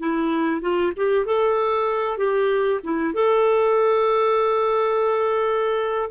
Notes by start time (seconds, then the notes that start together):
0.00 E4
0.62 F4
0.97 G4
1.26 A4
2.18 G4
2.84 E4
3.14 A4